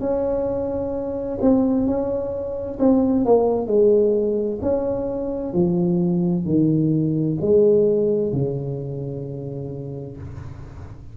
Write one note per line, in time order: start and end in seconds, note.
0.00 1.38 C#4
1.41 1.86 C4
1.86 2.79 C#4
2.79 3.25 C4
3.25 3.67 A#3
3.67 4.59 G#3
4.62 5.53 C#4
5.53 6.45 F3
6.45 7.38 D#3
7.41 8.32 G#3
8.32 10.17 C#3